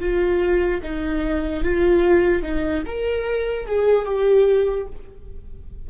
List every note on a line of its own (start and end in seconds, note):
0.00 0.81 F4
0.83 1.64 D#4
1.64 2.43 F4
2.43 2.83 D#4
2.86 3.67 A#4
3.67 4.05 G#4
4.05 4.86 G4